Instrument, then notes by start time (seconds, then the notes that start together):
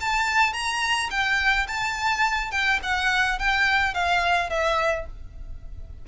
violin
0.00 A5
0.53 A#5
1.10 G5
1.67 A5
2.51 G5
2.83 F#5
3.38 G5
3.94 F5
4.49 E5